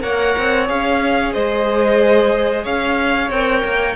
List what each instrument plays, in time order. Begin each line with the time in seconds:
0.00 cello A#3, viola A#4, violin C#5 F#5
0.38 cello C4
0.66 cello C#4, viola G#4, violin F5
1.33 cello G#3, violin C5 D#5
2.64 cello C#4, violin C#5 F5
3.30 cello C4, viola A#4, violin G5
3.64 cello A#3